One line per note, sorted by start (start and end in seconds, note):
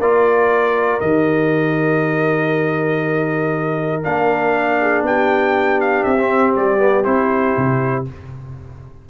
0.00 1.01 A#3
0.00 1.01 F4
0.00 4.79 A#4
0.00 1.00 D5
1.00 4.04 D#3
1.00 4.03 G4
1.00 4.03 D#5
4.03 5.03 A#3
4.03 6.18 D4
4.03 5.05 F5
4.81 5.06 G#4
5.03 6.04 B3
5.03 8.09 G4
5.03 5.81 G5
5.81 6.03 F5
6.03 6.55 C4
6.03 6.54 E5
6.19 6.78 C4
6.57 7.06 G3
6.57 7.05 D5
6.78 7.04 B3
7.04 7.56 C4
7.04 8.05 E4
7.04 8.05 C5
7.57 8.08 C3